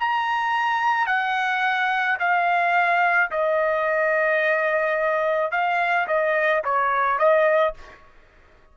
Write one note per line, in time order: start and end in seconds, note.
0.00 1.07 A#5
1.07 2.18 F#5
2.20 3.31 F5
3.31 5.52 D#5
5.52 6.07 F5
6.08 6.64 D#5
6.64 7.19 C#5
7.19 7.74 D#5